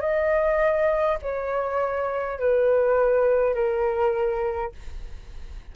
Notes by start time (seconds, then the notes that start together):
0.00 D#5
1.21 C#5
2.39 B4
3.54 A#4